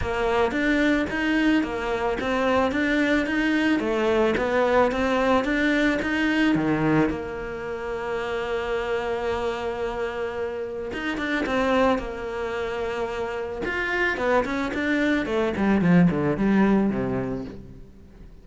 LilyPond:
\new Staff \with { instrumentName = "cello" } { \time 4/4 \tempo 4 = 110 ais4 d'4 dis'4 ais4 | c'4 d'4 dis'4 a4 | b4 c'4 d'4 dis'4 | dis4 ais2.~ |
ais1 | dis'8 d'8 c'4 ais2~ | ais4 f'4 b8 cis'8 d'4 | a8 g8 f8 d8 g4 c4 | }